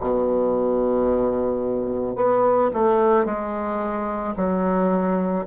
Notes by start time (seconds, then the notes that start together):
0.00 B2
2.15 B3
2.73 A3
3.25 G#3
4.36 F#3